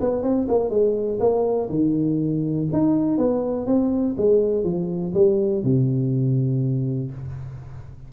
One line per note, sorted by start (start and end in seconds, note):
0.00 0.22 B3
0.22 0.47 C4
0.48 0.69 A#3
0.69 1.18 G#3
1.20 1.69 A#3
1.69 2.68 D#3
2.72 3.17 D#4
3.17 3.66 B3
3.66 4.15 C4
4.17 4.63 G#3
4.63 5.13 F3
5.14 5.63 G3
5.63 7.11 C3